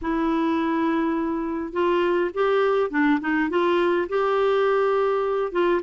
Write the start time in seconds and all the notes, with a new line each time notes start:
0.01 E4
1.72 F4
2.34 G4
2.90 D4
3.20 D#4
3.50 F4
4.09 G4
5.52 F4